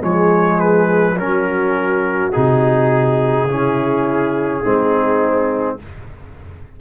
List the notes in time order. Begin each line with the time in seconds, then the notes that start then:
0.00 F3 G#3 G#4 C#5
0.59 B4
1.15 F#3 C#4 F#4 A#4
2.32 C3 D#4 G#4
3.45 C#3 C#4 E4
4.62 G#3 C4 D#4